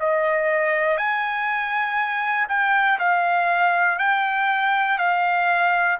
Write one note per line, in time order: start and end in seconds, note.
0.00 0.98 D#5
0.98 2.48 G#5
2.49 2.99 G5
2.99 3.99 F5
3.99 4.99 G5
4.99 5.99 F5